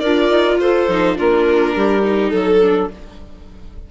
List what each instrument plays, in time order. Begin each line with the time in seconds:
0.00 bassoon D4, viola F4, clarinet A#4, violin D5
0.31 bassoon D#4
0.56 bassoon F4, clarinet A4, violin C5
0.88 bassoon F3, viola D#4
1.16 bassoon A#3, viola D4, clarinet F4, violin A#4
1.75 bassoon G3, clarinet G4
2.03 viola D#4
2.29 bassoon F#3, violin A4, clarinet A4
2.62 viola D4